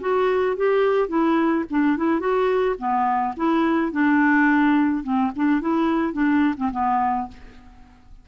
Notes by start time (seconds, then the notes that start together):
0.00 F#4
0.56 G4
1.08 E4
1.70 D4
1.97 E4
2.19 F#4
2.78 B3
3.36 E4
3.92 D4
5.03 C4
5.36 D4
5.61 E4
6.13 D4
6.57 C4
6.72 B3